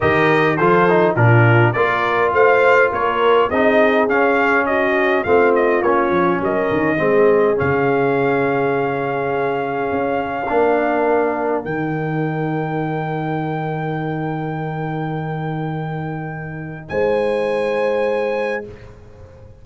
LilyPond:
<<
  \new Staff \with { instrumentName = "trumpet" } { \time 4/4 \tempo 4 = 103 dis''4 c''4 ais'4 d''4 | f''4 cis''4 dis''4 f''4 | dis''4 f''8 dis''8 cis''4 dis''4~ | dis''4 f''2.~ |
f''1 | g''1~ | g''1~ | g''4 gis''2. | }
  \new Staff \with { instrumentName = "horn" } { \time 4/4 ais'4 a'4 f'4 ais'4 | c''4 ais'4 gis'2 | fis'4 f'2 ais'4 | gis'1~ |
gis'2 ais'2~ | ais'1~ | ais'1~ | ais'4 c''2. | }
  \new Staff \with { instrumentName = "trombone" } { \time 4/4 g'4 f'8 dis'8 d'4 f'4~ | f'2 dis'4 cis'4~ | cis'4 c'4 cis'2 | c'4 cis'2.~ |
cis'2 d'2 | dis'1~ | dis'1~ | dis'1 | }
  \new Staff \with { instrumentName = "tuba" } { \time 4/4 dis4 f4 ais,4 ais4 | a4 ais4 c'4 cis'4~ | cis'4 a4 ais8 f8 fis8 dis8 | gis4 cis2.~ |
cis4 cis'4 ais2 | dis1~ | dis1~ | dis4 gis2. | }
>>